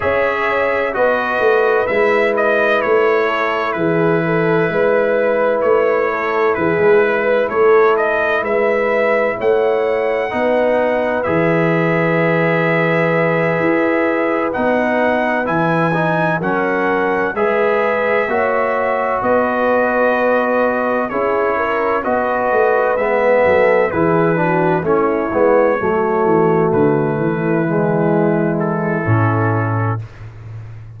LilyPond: <<
  \new Staff \with { instrumentName = "trumpet" } { \time 4/4 \tempo 4 = 64 e''4 dis''4 e''8 dis''8 cis''4 | b'2 cis''4 b'4 | cis''8 dis''8 e''4 fis''2 | e''2.~ e''8 fis''8~ |
fis''8 gis''4 fis''4 e''4.~ | e''8 dis''2 cis''4 dis''8~ | dis''8 e''4 b'4 cis''4.~ | cis''8 b'2 a'4. | }
  \new Staff \with { instrumentName = "horn" } { \time 4/4 cis''4 b'2~ b'8 a'8 | gis'8 a'8 b'4. a'8 gis'8 b'8 | a'4 b'4 cis''4 b'4~ | b'1~ |
b'4. ais'4 b'4 cis''8~ | cis''8 b'2 gis'8 ais'8 b'8~ | b'4 a'8 gis'8 fis'8 e'4 fis'8~ | fis'4 e'2. | }
  \new Staff \with { instrumentName = "trombone" } { \time 4/4 gis'4 fis'4 e'2~ | e'1~ | e'2. dis'4 | gis'2.~ gis'8 dis'8~ |
dis'8 e'8 dis'8 cis'4 gis'4 fis'8~ | fis'2~ fis'8 e'4 fis'8~ | fis'8 b4 e'8 d'8 cis'8 b8 a8~ | a4. gis4. cis'4 | }
  \new Staff \with { instrumentName = "tuba" } { \time 4/4 cis'4 b8 a8 gis4 a4 | e4 gis4 a4 e16 gis8. | a4 gis4 a4 b4 | e2~ e8 e'4 b8~ |
b8 e4 fis4 gis4 ais8~ | ais8 b2 cis'4 b8 | a8 gis8 fis8 e4 a8 gis8 fis8 | e8 d8 e2 a,4 | }
>>